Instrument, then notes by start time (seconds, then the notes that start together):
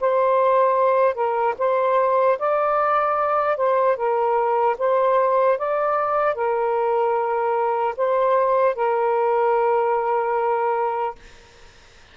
saxophone
0.00 C5
1.14 A#4
1.58 C5
2.39 D5
3.56 C5
3.96 A#4
4.78 C5
5.57 D5
6.35 A#4
7.96 C5
8.75 A#4